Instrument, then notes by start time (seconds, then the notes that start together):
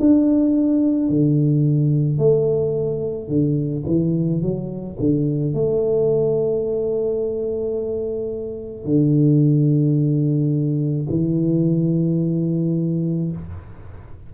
tuba
0.00 D4
1.09 D3
2.18 A3
3.28 D3
3.86 E3
4.42 F#3
4.99 D3
5.54 A3
8.85 D3
11.09 E3